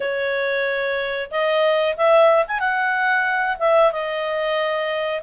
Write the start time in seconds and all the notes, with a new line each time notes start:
0.00 C#5
1.30 D#5
1.96 E5
2.47 G#5
2.59 F#5
3.59 E5
3.92 D#5